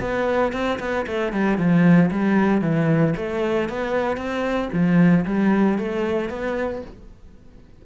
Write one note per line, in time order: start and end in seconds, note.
0.00 0.53 B3
0.53 0.79 C4
0.79 1.06 B3
1.06 1.33 A3
1.33 1.58 G3
1.58 2.10 F3
2.11 2.61 G3
2.61 3.14 E3
3.17 3.69 A3
3.69 4.17 B3
4.17 4.69 C4
4.72 5.25 F3
5.25 5.78 G3
5.78 6.29 A3
6.29 6.82 B3